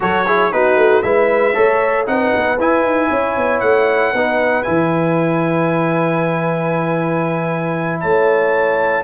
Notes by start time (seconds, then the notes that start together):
0.00 F#3 F#4 A4 C#5
0.26 E4 G#4
0.52 B3 D#4 F#4 B4
0.76 A3
1.02 G#3 E4 B4 E5
1.54 A3 A4 C#5
2.06 C4 D#4 B4 F#5
2.35 B3
2.58 E4 G#5
2.83 D#4
3.09 C#4 C#5
3.37 B3
3.60 A3 F#5
4.13 B3 D#4 B4
4.62 E3 E4 G#5
8.00 A3 C#5 A5